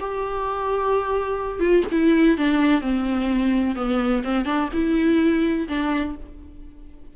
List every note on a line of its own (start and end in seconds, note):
0.00 1.60 G4
1.60 1.83 F4
1.92 2.38 E4
2.38 2.81 D4
2.81 3.76 C4
3.76 4.23 B3
4.24 4.45 C4
4.45 4.69 D4
4.73 5.68 E4
5.68 6.15 D4